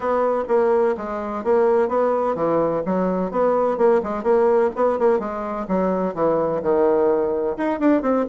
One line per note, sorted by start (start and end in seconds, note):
0.00 0.44 B3
0.47 0.95 A#3
0.97 1.43 G#3
1.43 1.88 A#3
1.88 2.35 B3
2.35 2.82 E3
2.85 3.31 F#3
3.31 3.77 B3
3.77 4.01 A#3
4.03 4.23 G#3
4.23 4.70 A#3
4.75 4.98 B3
4.98 5.19 A#3
5.19 5.66 G#3
5.68 6.14 F#3
6.14 6.61 E3
6.62 7.57 D#3
7.57 7.79 D#4
7.79 8.01 D4
8.01 8.25 C4